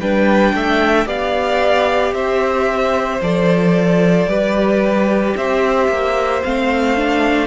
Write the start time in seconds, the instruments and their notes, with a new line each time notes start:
0.00 cello G3, viola D4, violin B4 G5
0.54 cello A3, violin E5
1.06 cello B3, viola G4, violin D5 F5
2.13 cello C4, violin C5 E5
3.22 cello F3, viola A4, violin D5
4.27 cello G3, viola G4, violin B4
5.37 cello C4, violin C5 E5
5.88 cello A#3
6.44 cello A3, viola C4, violin F5
6.97 viola D4